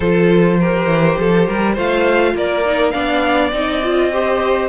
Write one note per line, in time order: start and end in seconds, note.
0.00 0.86 F3
0.00 0.61 F4
0.00 0.58 A4
0.00 1.75 C5
0.60 1.76 G4
0.60 1.18 A#4
0.86 1.15 E3
1.19 1.48 F3
1.19 1.48 A4
1.48 1.77 G3
1.48 1.74 A#4
1.74 2.34 A3
1.74 2.64 F4
1.74 2.32 C5
1.74 2.36 F5
2.34 2.93 A#3
2.34 2.93 A#4
2.34 2.90 D5
2.65 2.92 D#4
2.90 3.52 B3
2.90 3.51 D4
2.90 4.10 D5
2.90 3.49 F5
3.52 4.68 C4
3.52 3.82 D#4
3.52 4.68 D#5
3.83 4.12 F4
4.12 4.68 G4
4.12 4.68 C5